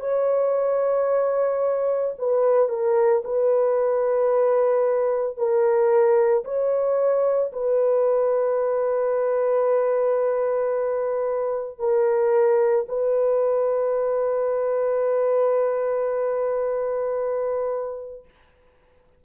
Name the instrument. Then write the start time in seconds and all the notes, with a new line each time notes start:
horn
0.00 C#5
2.18 B4
2.69 A#4
3.24 B4
5.37 A#4
6.44 C#5
7.52 B4
11.79 A#4
12.89 B4